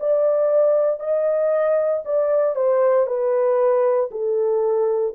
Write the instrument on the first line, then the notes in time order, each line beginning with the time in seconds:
horn
0.00 D5
1.00 D#5
2.05 D5
2.56 C5
3.07 B4
4.11 A4